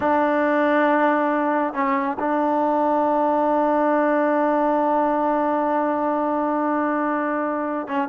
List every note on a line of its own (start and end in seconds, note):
0.00 1.73 D4
1.73 2.17 C#4
2.19 7.87 D4
7.87 8.08 C#4